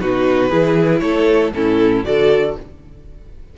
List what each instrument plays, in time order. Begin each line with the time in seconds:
0.00 cello B2, viola D#4, violin F#4 B4
0.50 cello E3, viola E4, violin G#4
1.00 cello A3, violin A4 C#5
1.54 cello A2, viola C#4, violin E4 A4
2.04 cello D3, viola F#4, violin A4 D5